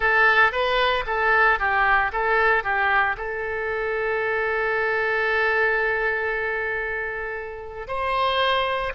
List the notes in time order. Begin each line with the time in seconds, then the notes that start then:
0.00 A4
0.51 B4
1.06 A4
1.59 G4
2.12 A4
2.63 G4
3.17 A4
7.87 C5